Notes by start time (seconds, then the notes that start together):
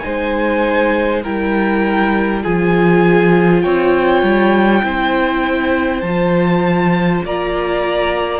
0.00 G#3 D#4 C5 G#5
1.23 G3 E4 A#4 G5
2.43 F3 F4 G#4 G#5
3.62 C4 C#5 G5
4.22 G3
4.83 C4 E4 C5
6.01 F3 F4 A5
7.25 A#3 D5 A#5